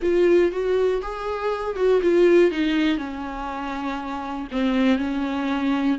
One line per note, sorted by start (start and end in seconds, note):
0.02 0.51 F4
0.51 1.01 F#4
1.01 1.75 G#4
1.75 2.00 F#4
2.02 2.51 F4
2.51 2.97 D#4
2.97 4.47 C#4
4.51 4.97 C4
4.97 5.97 C#4